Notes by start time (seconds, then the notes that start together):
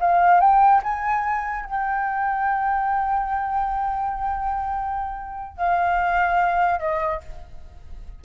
0.00 F5
0.40 G5
0.83 G#5
1.66 G5
5.57 F5
6.79 D#5